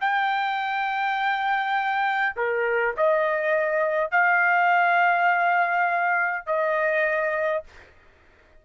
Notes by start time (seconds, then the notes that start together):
0.00 G5
2.36 A#4
2.96 D#5
4.11 F5
6.46 D#5